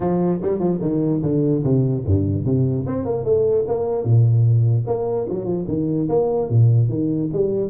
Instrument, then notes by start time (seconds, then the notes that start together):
tuba
0.00 F3
0.42 G3
0.59 F3
0.81 D#3
1.22 D3
1.63 C3
2.05 G2
2.45 C3
2.86 C4
3.05 A#3
3.24 A3
3.67 A#3
4.04 A#2
4.86 A#3
5.29 F#3
5.44 F3
5.67 D#3
6.08 A#3
6.49 A#2
6.88 D#3
7.32 G3